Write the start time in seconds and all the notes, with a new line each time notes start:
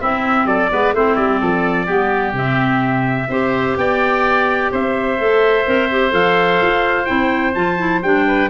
0.00 C4 E4 E5
0.45 F#3 A4 D5
0.70 G#3 B3 B4
0.93 A3 C4 E4 C5
1.16 G3 D5
1.40 F3 A4
1.86 G3 B3 G4
2.33 C3 C4 E5
3.29 C4 G4 C5
3.77 B3 D5 G5
4.72 C4 C5 E5
5.19 A3 A4
5.66 C4 A#4
5.91 G4
6.10 F3 A4 F5
6.62 F4
7.06 C4 E4 G5
7.55 F3 F4 A5
7.78 E4
8.02 G3 D4 G5
8.27 B4